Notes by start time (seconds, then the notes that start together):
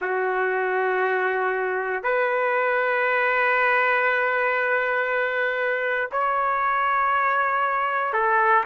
0.01 F#4
2.03 B4
6.11 C#5
8.13 A4